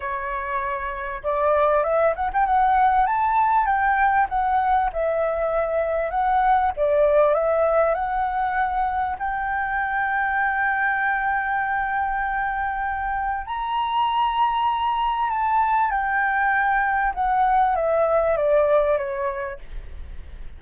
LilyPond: \new Staff \with { instrumentName = "flute" } { \time 4/4 \tempo 4 = 98 cis''2 d''4 e''8 fis''16 g''16 | fis''4 a''4 g''4 fis''4 | e''2 fis''4 d''4 | e''4 fis''2 g''4~ |
g''1~ | g''2 ais''2~ | ais''4 a''4 g''2 | fis''4 e''4 d''4 cis''4 | }